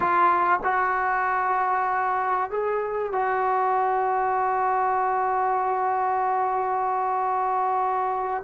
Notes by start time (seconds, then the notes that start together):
0.00 F4
0.63 F#4
2.50 G#4
3.12 F#4